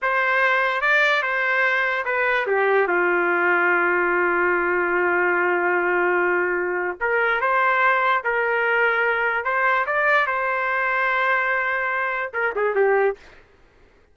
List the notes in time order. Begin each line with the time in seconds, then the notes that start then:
0.02 C5
0.81 D5
1.22 C5
2.05 B4
2.46 G4
2.87 F4
7.00 A#4
7.41 C5
8.23 A#4
9.44 C5
9.86 D5
10.26 C5
12.33 A#4
12.55 G#4
12.75 G4